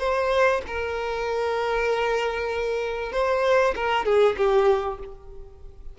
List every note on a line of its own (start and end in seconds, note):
0.00 0.62 C5
0.68 3.13 A#4
3.13 3.75 C5
3.76 4.06 A#4
4.06 4.37 G#4
4.37 4.99 G4